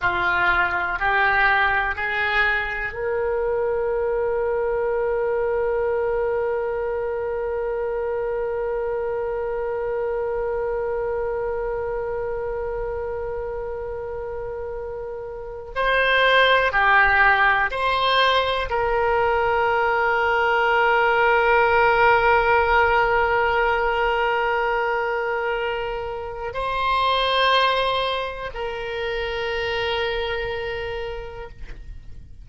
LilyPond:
\new Staff \with { instrumentName = "oboe" } { \time 4/4 \tempo 4 = 61 f'4 g'4 gis'4 ais'4~ | ais'1~ | ais'1~ | ais'1 |
c''4 g'4 c''4 ais'4~ | ais'1~ | ais'2. c''4~ | c''4 ais'2. | }